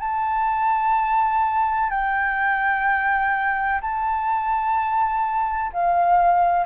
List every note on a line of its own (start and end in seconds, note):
0.00 1.90 A5
1.90 3.81 G5
3.81 5.72 A5
5.73 6.66 F5